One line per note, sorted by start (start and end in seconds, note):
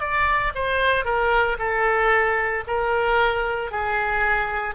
0.00 0.53 D5
0.55 1.05 C5
1.05 1.57 A#4
1.59 2.65 A4
2.67 3.72 A#4
3.72 4.75 G#4